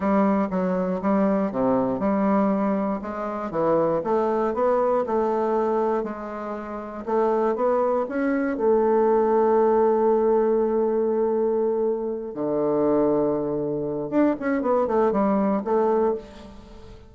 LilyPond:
\new Staff \with { instrumentName = "bassoon" } { \time 4/4 \tempo 4 = 119 g4 fis4 g4 c4 | g2 gis4 e4 | a4 b4 a2 | gis2 a4 b4 |
cis'4 a2.~ | a1~ | a8 d2.~ d8 | d'8 cis'8 b8 a8 g4 a4 | }